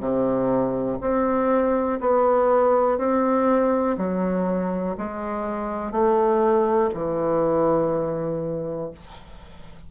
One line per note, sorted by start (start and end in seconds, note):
0.00 0.98 C3
1.01 1.99 C4
2.00 2.98 B3
2.98 3.97 C4
3.97 4.96 F#3
4.98 5.92 G#3
5.92 6.90 A3
6.94 8.91 E3